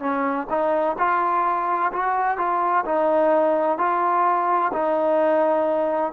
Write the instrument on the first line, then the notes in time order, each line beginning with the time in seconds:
trombone
0.00 C#4
0.50 D#4
0.98 F4
1.93 F#4
2.38 F4
2.85 D#4
3.78 F4
4.73 D#4